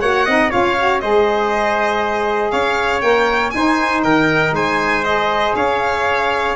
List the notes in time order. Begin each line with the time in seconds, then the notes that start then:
0.00 A#3 F#4 C#5 F#5
0.25 C4 D#4 D#5
0.50 C#4 F4 C#5 F5
0.77 F#4
1.00 G#3 G#4 C5 D#5
2.51 C#4 C#5 F5
3.01 A#3 A#4 G5
3.50 D#4 C5 G#5
4.03 D#3 A#4 G5
4.52 G#3 C5 G#5
5.04 G#4 D#5
5.55 C#4 C#5 F5